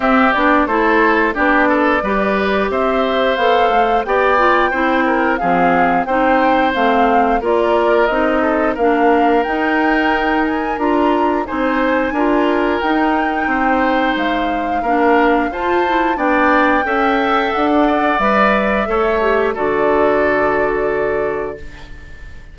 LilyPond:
<<
  \new Staff \with { instrumentName = "flute" } { \time 4/4 \tempo 4 = 89 e''8 d''8 c''4 d''2 | e''4 f''4 g''2 | f''4 g''4 f''4 d''4 | dis''4 f''4 g''4. gis''8 |
ais''4 gis''2 g''4~ | g''4 f''2 a''4 | g''2 fis''4 e''4~ | e''4 d''2. | }
  \new Staff \with { instrumentName = "oboe" } { \time 4/4 g'4 a'4 g'8 a'8 b'4 | c''2 d''4 c''8 ais'8 | gis'4 c''2 ais'4~ | ais'8 a'8 ais'2.~ |
ais'4 c''4 ais'2 | c''2 ais'4 c''4 | d''4 e''4~ e''16 d'16 d''4. | cis''4 a'2. | }
  \new Staff \with { instrumentName = "clarinet" } { \time 4/4 c'8 d'8 e'4 d'4 g'4~ | g'4 a'4 g'8 f'8 e'4 | c'4 dis'4 c'4 f'4 | dis'4 d'4 dis'2 |
f'4 dis'4 f'4 dis'4~ | dis'2 d'4 f'8 e'8 | d'4 a'2 b'4 | a'8 g'8 fis'2. | }
  \new Staff \with { instrumentName = "bassoon" } { \time 4/4 c'8 b8 a4 b4 g4 | c'4 b8 a8 b4 c'4 | f4 c'4 a4 ais4 | c'4 ais4 dis'2 |
d'4 c'4 d'4 dis'4 | c'4 gis4 ais4 f'4 | b4 cis'4 d'4 g4 | a4 d2. | }
>>